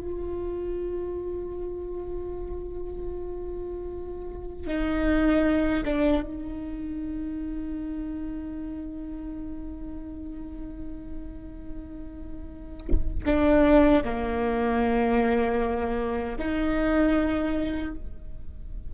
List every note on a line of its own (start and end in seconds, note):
0.00 4.66 F4
4.66 5.83 D#4
5.84 6.22 D4
6.22 13.24 D#4
13.25 14.03 D4
14.04 16.37 A#3
16.38 17.94 D#4